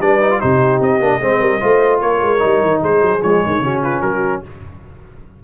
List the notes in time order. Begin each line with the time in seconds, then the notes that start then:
0.00 G3 D4 B4 D5
0.21 D#4
0.31 F4
0.40 C3 D#4 G4 C5
0.81 C4 D#5
1.00 A#3 D4
1.21 G#3 C4 C5
1.40 G3 A#4
1.61 A3 F4 C5
2.00 A#3 A#4 C#5
2.22 G#3
2.39 G3 D#4
2.62 D#3
2.81 G#3 G#4 C5
3.02 F#3
3.22 F3 G#3 C#5
3.46 D#3
3.60 C#3 C#4 F#4
3.82 F4 B4
4.02 F#3 F#4 A#4